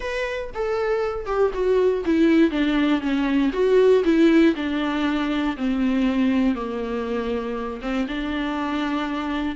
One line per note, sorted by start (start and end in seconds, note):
0.00 0.50 B4
0.54 1.26 A4
1.26 1.51 G4
1.53 2.04 F#4
2.05 2.50 E4
2.50 3.00 D4
3.00 3.51 C#4
3.52 4.03 F#4
4.04 4.54 E4
4.55 5.56 D4
5.56 6.54 C4
6.54 7.80 A#3
7.81 8.06 C4
8.08 9.55 D4